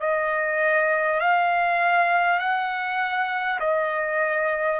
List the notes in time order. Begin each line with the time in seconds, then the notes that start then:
0.00 D#5
1.20 F5
2.39 F#5
3.60 D#5